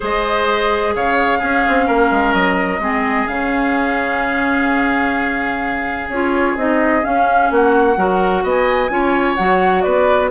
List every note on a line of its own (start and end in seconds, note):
0.00 0.95 G#3
0.00 1.39 G#4
0.00 0.94 C5
0.00 0.95 D#5
0.95 1.41 C#3
0.95 1.38 C#5
0.95 2.34 F5
1.38 2.80 C#4
1.38 1.65 C#4
1.38 1.85 G#4
1.68 1.88 C4
1.86 2.10 A#3
1.86 2.80 A#4
2.10 2.33 G#3
2.33 2.79 F#3
2.33 3.27 D#5
2.79 3.25 G#3
2.79 3.27 C4
2.79 7.51 G#4
3.27 6.08 C#3
3.27 6.08 C#4
3.27 6.08 F5
6.08 6.55 C#4
6.08 6.57 F4
6.08 6.56 C#5
6.56 7.03 C4
6.56 7.02 D#4
6.56 7.04 D#5
7.02 7.96 C#4
7.02 7.50 C#4
7.02 7.51 F5
7.50 7.96 A#3
7.50 7.98 F#4
7.50 8.46 F#5
7.96 8.43 F#3
7.96 8.89 F#4
7.96 8.43 A#4
8.43 8.89 B3
8.43 8.90 D#5
8.43 9.35 G#5
8.89 9.36 C#4
8.89 9.36 F4
8.89 9.83 C#5
9.35 9.85 F#3
9.35 10.30 F#4
9.35 9.81 F#5
9.81 10.30 B3
9.81 10.30 B4
9.81 10.28 D5